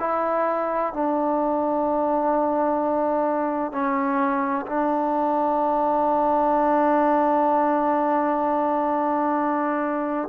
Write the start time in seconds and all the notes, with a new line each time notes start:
0.00 E4
0.94 D4
3.72 C#4
4.67 D4